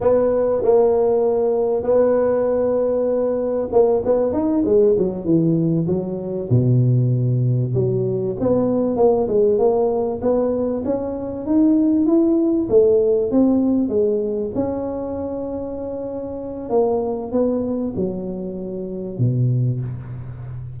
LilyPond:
\new Staff \with { instrumentName = "tuba" } { \time 4/4 \tempo 4 = 97 b4 ais2 b4~ | b2 ais8 b8 dis'8 gis8 | fis8 e4 fis4 b,4.~ | b,8 fis4 b4 ais8 gis8 ais8~ |
ais8 b4 cis'4 dis'4 e'8~ | e'8 a4 c'4 gis4 cis'8~ | cis'2. ais4 | b4 fis2 b,4 | }